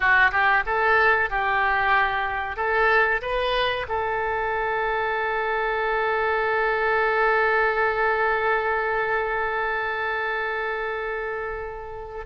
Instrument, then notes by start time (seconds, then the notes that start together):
oboe
0.00 F#4
0.31 G4
0.66 A4
1.29 G4
2.56 A4
3.21 B4
3.88 A4